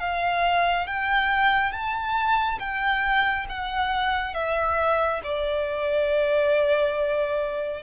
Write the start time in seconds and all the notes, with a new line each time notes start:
0.00 F5
0.87 G5
1.72 A5
2.59 G5
3.49 F#5
4.34 E5
5.24 D5